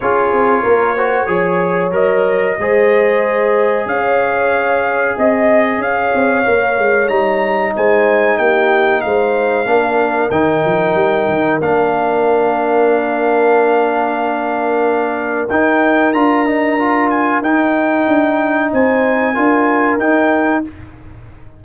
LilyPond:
<<
  \new Staff \with { instrumentName = "trumpet" } { \time 4/4 \tempo 4 = 93 cis''2. dis''4~ | dis''2 f''2 | dis''4 f''2 ais''4 | gis''4 g''4 f''2 |
g''2 f''2~ | f''1 | g''4 ais''4. gis''8 g''4~ | g''4 gis''2 g''4 | }
  \new Staff \with { instrumentName = "horn" } { \time 4/4 gis'4 ais'8 c''8 cis''2 | c''2 cis''2 | dis''4 cis''2. | c''4 g'4 c''4 ais'4~ |
ais'1~ | ais'1~ | ais'1~ | ais'4 c''4 ais'2 | }
  \new Staff \with { instrumentName = "trombone" } { \time 4/4 f'4. fis'8 gis'4 ais'4 | gis'1~ | gis'2 ais'4 dis'4~ | dis'2. d'4 |
dis'2 d'2~ | d'1 | dis'4 f'8 dis'8 f'4 dis'4~ | dis'2 f'4 dis'4 | }
  \new Staff \with { instrumentName = "tuba" } { \time 4/4 cis'8 c'8 ais4 f4 fis4 | gis2 cis'2 | c'4 cis'8 c'8 ais8 gis8 g4 | gis4 ais4 gis4 ais4 |
dis8 f8 g8 dis8 ais2~ | ais1 | dis'4 d'2 dis'4 | d'4 c'4 d'4 dis'4 | }
>>